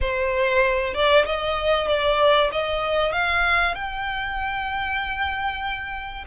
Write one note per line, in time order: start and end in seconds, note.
0.01 0.94 C5
0.94 1.25 D5
1.25 1.88 D#5
1.88 2.50 D5
2.52 3.12 D#5
3.12 3.74 F5
3.74 6.24 G5